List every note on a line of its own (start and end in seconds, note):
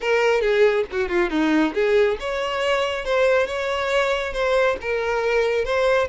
0.00 0.41 A#4
0.41 0.84 G#4
0.91 1.08 F#4
1.08 1.29 F4
1.29 1.73 D#4
1.74 2.17 G#4
2.20 3.04 C#5
3.04 3.46 C5
3.46 4.33 C#5
4.33 4.76 C5
4.81 5.64 A#4
5.64 6.08 C5